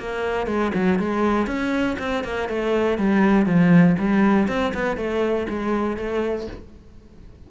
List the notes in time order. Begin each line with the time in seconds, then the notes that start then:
0.00 A#3
0.47 G#3
0.75 F#3
1.00 G#3
1.47 C#4
1.99 C4
2.24 A#3
2.49 A3
2.98 G3
3.46 F3
3.99 G3
4.48 C4
4.74 B3
4.97 A3
5.49 G#3
5.97 A3